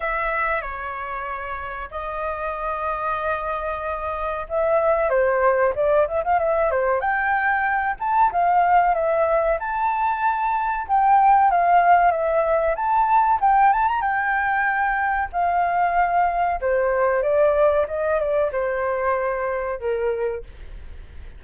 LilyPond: \new Staff \with { instrumentName = "flute" } { \time 4/4 \tempo 4 = 94 e''4 cis''2 dis''4~ | dis''2. e''4 | c''4 d''8 e''16 f''16 e''8 c''8 g''4~ | g''8 a''8 f''4 e''4 a''4~ |
a''4 g''4 f''4 e''4 | a''4 g''8 a''16 ais''16 g''2 | f''2 c''4 d''4 | dis''8 d''8 c''2 ais'4 | }